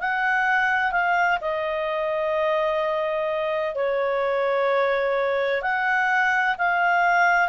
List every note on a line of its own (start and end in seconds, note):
0.00 0.92 F#5
0.92 1.39 F5
1.41 3.75 D#5
3.75 5.62 C#5
5.62 6.56 F#5
6.58 7.49 F5